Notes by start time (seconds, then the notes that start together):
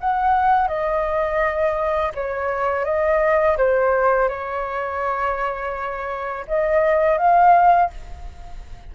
0.00 F#5
0.68 D#5
2.15 C#5
2.85 D#5
3.58 C5
4.28 C#5
6.47 D#5
7.18 F5